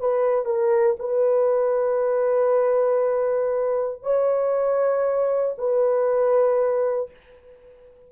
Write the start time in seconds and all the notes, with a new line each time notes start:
0.00 B4
0.46 A#4
0.99 B4
4.03 C#5
5.58 B4